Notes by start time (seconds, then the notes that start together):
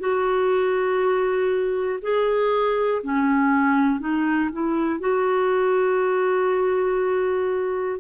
0.00 F#4
2.02 G#4
3.04 C#4
4.00 D#4
4.53 E4
5.00 F#4